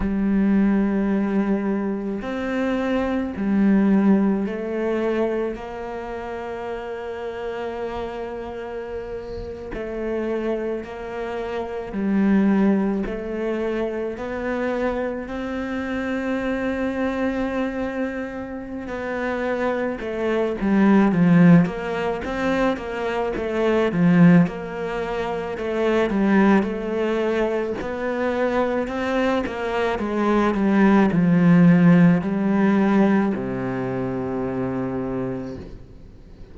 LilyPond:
\new Staff \with { instrumentName = "cello" } { \time 4/4 \tempo 4 = 54 g2 c'4 g4 | a4 ais2.~ | ais8. a4 ais4 g4 a16~ | a8. b4 c'2~ c'16~ |
c'4 b4 a8 g8 f8 ais8 | c'8 ais8 a8 f8 ais4 a8 g8 | a4 b4 c'8 ais8 gis8 g8 | f4 g4 c2 | }